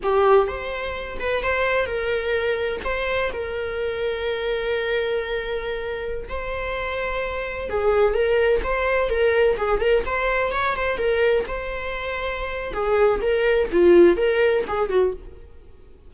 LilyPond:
\new Staff \with { instrumentName = "viola" } { \time 4/4 \tempo 4 = 127 g'4 c''4. b'8 c''4 | ais'2 c''4 ais'4~ | ais'1~ | ais'4~ ais'16 c''2~ c''8.~ |
c''16 gis'4 ais'4 c''4 ais'8.~ | ais'16 gis'8 ais'8 c''4 cis''8 c''8 ais'8.~ | ais'16 c''2~ c''8. gis'4 | ais'4 f'4 ais'4 gis'8 fis'8 | }